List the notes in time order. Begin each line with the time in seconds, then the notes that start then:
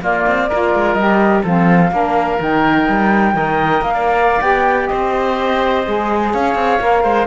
0.00 A#3 F4 D5
0.27 C4
0.49 A#3 F4 A#4
0.74 G#3
0.94 G3 G4 D#5
1.43 F3 C4 A4 F5
1.91 A#3 D4 A#4
2.39 D#3 D#4 G5
2.88 G3
3.34 D#3 A#4 D#5
3.81 A#3 F5
3.94 D5
4.40 B3 G4 G5
4.87 C4 C5 D#5
5.86 G#3 G#4
6.32 C#4 C#5 F5
6.55 C4
6.80 A#3 A#4
7.02 G#3 C5